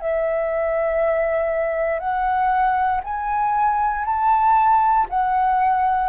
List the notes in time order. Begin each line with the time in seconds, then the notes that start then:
0.00 E5
1.99 F#5
3.04 G#5
4.04 A5
5.09 F#5